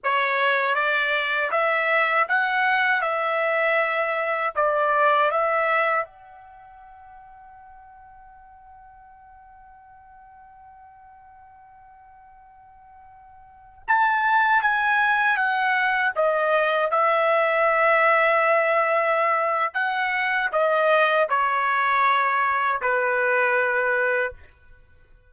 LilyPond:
\new Staff \with { instrumentName = "trumpet" } { \time 4/4 \tempo 4 = 79 cis''4 d''4 e''4 fis''4 | e''2 d''4 e''4 | fis''1~ | fis''1~ |
fis''2~ fis''16 a''4 gis''8.~ | gis''16 fis''4 dis''4 e''4.~ e''16~ | e''2 fis''4 dis''4 | cis''2 b'2 | }